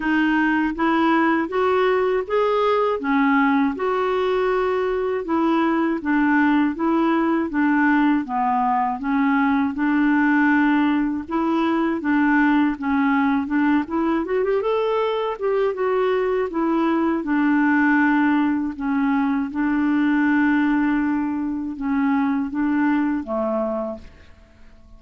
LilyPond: \new Staff \with { instrumentName = "clarinet" } { \time 4/4 \tempo 4 = 80 dis'4 e'4 fis'4 gis'4 | cis'4 fis'2 e'4 | d'4 e'4 d'4 b4 | cis'4 d'2 e'4 |
d'4 cis'4 d'8 e'8 fis'16 g'16 a'8~ | a'8 g'8 fis'4 e'4 d'4~ | d'4 cis'4 d'2~ | d'4 cis'4 d'4 a4 | }